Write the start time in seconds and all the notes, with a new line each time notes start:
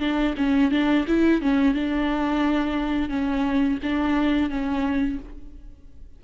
0.00 D4
0.38 C#4
0.71 D4
1.08 E4
1.42 C#4
1.74 D4
3.09 C#4
3.83 D4
4.50 C#4